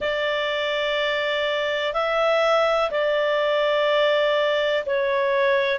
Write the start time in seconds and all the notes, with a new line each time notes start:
0.00 D5
1.94 E5
2.90 D5
4.86 C#5